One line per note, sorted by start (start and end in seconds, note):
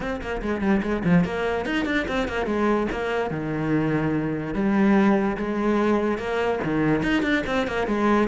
0.00 0.20 C4
0.21 0.41 A#3
0.42 0.61 G#3
0.61 0.81 G3
0.82 1.03 G#3
1.04 1.24 F3
1.24 1.65 A#3
1.65 1.85 D#4
1.85 2.06 D4
2.08 2.28 C4
2.28 2.46 A#3
2.46 2.87 G#3
2.91 3.30 A#3
3.30 4.53 D#3
4.53 5.36 G3
5.37 6.17 G#3
6.17 6.59 A#3
6.63 7.03 D#3
7.03 7.22 D#4
7.22 7.43 D4
7.46 7.67 C4
7.67 7.87 A#3
7.87 8.28 G#3